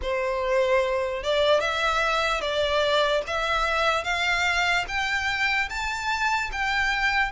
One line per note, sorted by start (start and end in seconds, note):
0.01 1.23 C5
1.23 1.60 D5
1.60 2.41 E5
2.41 3.22 D5
3.27 4.04 E5
4.04 4.85 F5
4.88 5.69 G5
5.69 6.50 A5
6.52 7.31 G5